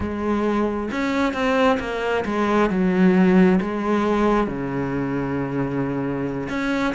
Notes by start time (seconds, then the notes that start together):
0.00 G#3
0.91 C#4
1.34 C4
1.79 A#3
2.25 G#3
2.70 F#3
3.61 G#3
4.47 C#3
6.49 C#4